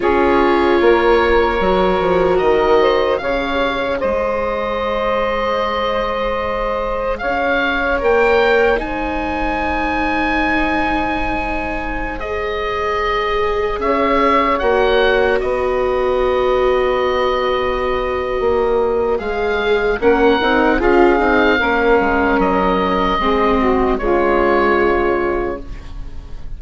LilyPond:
<<
  \new Staff \with { instrumentName = "oboe" } { \time 4/4 \tempo 4 = 75 cis''2. dis''4 | f''4 dis''2.~ | dis''4 f''4 g''4 gis''4~ | gis''2.~ gis''16 dis''8.~ |
dis''4~ dis''16 e''4 fis''4 dis''8.~ | dis''1 | f''4 fis''4 f''2 | dis''2 cis''2 | }
  \new Staff \with { instrumentName = "saxophone" } { \time 4/4 gis'4 ais'2~ ais'8 c''8 | cis''4 c''2.~ | c''4 cis''2 c''4~ | c''1~ |
c''4~ c''16 cis''2 b'8.~ | b'1~ | b'4 ais'4 gis'4 ais'4~ | ais'4 gis'8 fis'8 f'2 | }
  \new Staff \with { instrumentName = "viola" } { \time 4/4 f'2 fis'2 | gis'1~ | gis'2 ais'4 dis'4~ | dis'2.~ dis'16 gis'8.~ |
gis'2~ gis'16 fis'4.~ fis'16~ | fis'1 | gis'4 cis'8 dis'8 f'8 dis'8 cis'4~ | cis'4 c'4 gis2 | }
  \new Staff \with { instrumentName = "bassoon" } { \time 4/4 cis'4 ais4 fis8 f8 dis4 | cis4 gis2.~ | gis4 cis'4 ais4 gis4~ | gis1~ |
gis4~ gis16 cis'4 ais4 b8.~ | b2. ais4 | gis4 ais8 c'8 cis'8 c'8 ais8 gis8 | fis4 gis4 cis2 | }
>>